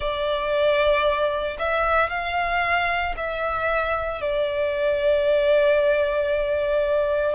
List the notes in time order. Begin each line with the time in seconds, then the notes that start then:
0.00 D5
1.58 E5
2.09 F5
3.16 E5
4.21 D5